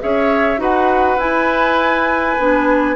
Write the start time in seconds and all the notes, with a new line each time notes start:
0.00 C#4 G#4 C#5 E5
0.57 D#4 F#4 B4 F#5
1.17 E4 G#5
2.38 B3 D4